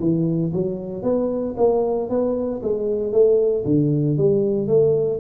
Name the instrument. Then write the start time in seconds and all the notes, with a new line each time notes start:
tuba
0.00 E3
0.53 F#3
1.03 B3
1.57 A#3
2.10 B3
2.63 G#3
3.12 A3
3.65 D3
4.18 G3
4.68 A3